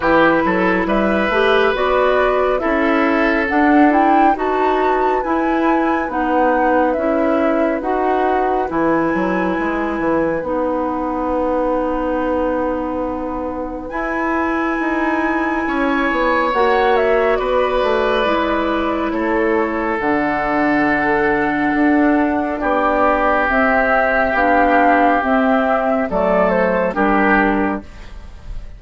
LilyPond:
<<
  \new Staff \with { instrumentName = "flute" } { \time 4/4 \tempo 4 = 69 b'4 e''4 d''4 e''4 | fis''8 g''8 a''4 gis''4 fis''4 | e''4 fis''4 gis''2 | fis''1 |
gis''2. fis''8 e''8 | d''2 cis''4 fis''4~ | fis''2 d''4 e''4 | f''4 e''4 d''8 c''8 ais'4 | }
  \new Staff \with { instrumentName = "oboe" } { \time 4/4 g'8 a'8 b'2 a'4~ | a'4 b'2.~ | b'1~ | b'1~ |
b'2 cis''2 | b'2 a'2~ | a'2 g'2~ | g'2 a'4 g'4 | }
  \new Staff \with { instrumentName = "clarinet" } { \time 4/4 e'4. g'8 fis'4 e'4 | d'8 e'8 fis'4 e'4 dis'4 | e'4 fis'4 e'2 | dis'1 |
e'2. fis'4~ | fis'4 e'2 d'4~ | d'2. c'4 | d'4 c'4 a4 d'4 | }
  \new Staff \with { instrumentName = "bassoon" } { \time 4/4 e8 fis8 g8 a8 b4 cis'4 | d'4 dis'4 e'4 b4 | cis'4 dis'4 e8 fis8 gis8 e8 | b1 |
e'4 dis'4 cis'8 b8 ais4 | b8 a8 gis4 a4 d4~ | d4 d'4 b4 c'4 | b4 c'4 fis4 g4 | }
>>